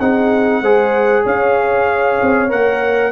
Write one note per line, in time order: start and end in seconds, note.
0.00 0.62 C4
0.00 0.64 D#4
0.00 0.62 G#4
0.00 1.26 F#5
0.62 1.25 G#3
0.62 2.49 G#4
0.62 1.24 C5
1.24 2.21 C#4
1.24 3.12 C#5
1.24 2.51 F5
2.23 2.52 C4
2.49 3.12 A#3
2.49 3.12 A#4
2.49 3.12 F#5